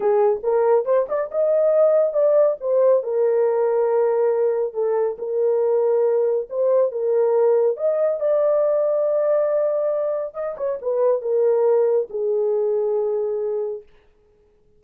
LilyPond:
\new Staff \with { instrumentName = "horn" } { \time 4/4 \tempo 4 = 139 gis'4 ais'4 c''8 d''8 dis''4~ | dis''4 d''4 c''4 ais'4~ | ais'2. a'4 | ais'2. c''4 |
ais'2 dis''4 d''4~ | d''1 | dis''8 cis''8 b'4 ais'2 | gis'1 | }